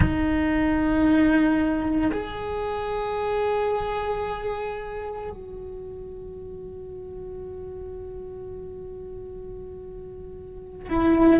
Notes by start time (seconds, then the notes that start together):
0.00 D#4
2.12 G#4
5.30 F#4
10.88 E4